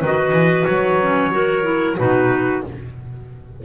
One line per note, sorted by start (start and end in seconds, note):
0.00 0.32 D#3
0.00 1.02 F#4
0.00 1.30 B4
0.00 0.65 D#5
0.32 0.65 E3
0.65 1.98 F#3
0.65 1.95 C#5
1.02 1.32 C#4
1.32 1.63 F#4
1.32 1.98 A#4
1.63 1.96 E4
1.98 2.64 B2
1.98 2.64 D#4
1.98 2.64 F#4
1.98 2.65 B4